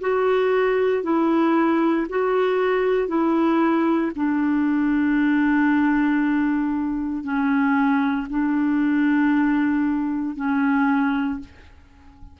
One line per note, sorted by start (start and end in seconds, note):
0.00 1.03 F#4
1.03 2.06 E4
2.09 3.08 F#4
3.08 4.11 E4
4.15 7.23 D4
7.23 8.27 C#4
8.29 10.36 D4
10.36 11.39 C#4